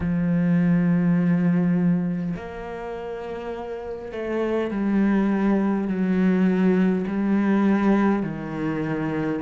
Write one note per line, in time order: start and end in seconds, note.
0.00 2.35 F3
2.36 4.12 A#3
4.12 4.71 A3
4.71 5.87 G3
5.87 7.05 F#3
7.06 8.22 G3
8.22 9.40 D#3